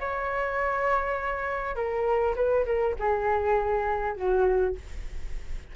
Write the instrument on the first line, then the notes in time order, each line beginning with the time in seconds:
flute
0.00 C#5
1.75 A#4
2.35 B4
2.65 A#4
2.99 G#4
4.16 F#4